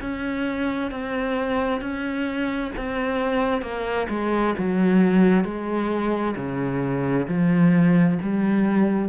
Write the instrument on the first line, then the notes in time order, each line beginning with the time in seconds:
cello
0.00 C#4
0.90 C4
1.81 C#4
2.76 C4
3.61 A#3
4.09 G#3
4.58 F#3
5.44 G#3
6.36 C#3
7.27 F3
8.22 G3